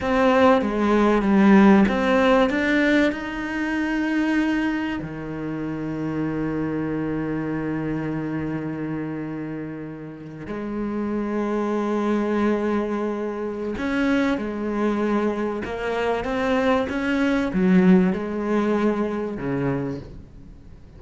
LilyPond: \new Staff \with { instrumentName = "cello" } { \time 4/4 \tempo 4 = 96 c'4 gis4 g4 c'4 | d'4 dis'2. | dis1~ | dis1~ |
dis8. gis2.~ gis16~ | gis2 cis'4 gis4~ | gis4 ais4 c'4 cis'4 | fis4 gis2 cis4 | }